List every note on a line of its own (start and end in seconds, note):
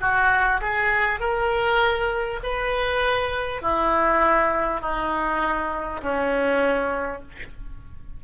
0.00 0.60 F#4
0.61 1.19 G#4
1.19 2.39 A#4
2.43 3.61 B4
3.61 4.81 E4
4.81 6.01 D#4
6.02 7.22 C#4